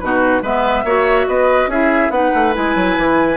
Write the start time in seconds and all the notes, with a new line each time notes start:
0.00 B2 D#4 F#4 B4
0.42 G#3 B3 B4 E5
0.84 A#3 F#4 C#5
1.28 B3 B4 D#5
1.67 C#4 E4 G#4 E5
2.10 B3 D#4 B4 F#5
2.35 A3
2.53 G#3 E4 G#5
2.75 F#3
2.97 E3